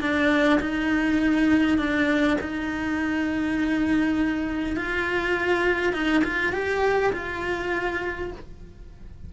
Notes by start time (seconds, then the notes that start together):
0.00 D4
0.60 D#4
1.78 D4
2.40 D#4
4.76 F4
5.93 D#4
6.23 F4
6.53 G4
7.12 F4